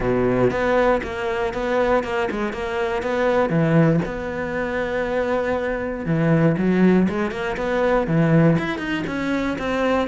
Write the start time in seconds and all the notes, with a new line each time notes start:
0.00 B2
0.50 B3
1.03 A#3
1.53 B3
2.03 A#3
2.30 G#3
2.52 A#3
3.02 B3
3.49 E3
4.05 B3
6.05 E3
6.57 F#3
7.08 G#3
7.31 A#3
7.57 B3
8.07 E3
8.58 E4
8.78 D#4
9.06 C#4
9.58 C4